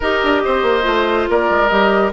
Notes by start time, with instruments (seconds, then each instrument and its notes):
0.00 bassoon D#4, clarinet G4, oboe A#4, flute D#5
0.23 bassoon D4
0.44 bassoon C4, oboe C5
0.62 bassoon A#3
0.82 bassoon A3, clarinet F4
1.29 bassoon A#3, oboe A#4, flute D5
1.50 bassoon G#3
1.68 bassoon G3, clarinet G4, flute D#5